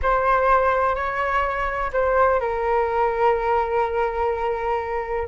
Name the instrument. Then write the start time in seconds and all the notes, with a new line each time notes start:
flute
0.02 C5
0.95 C#5
1.92 C5
2.40 A#4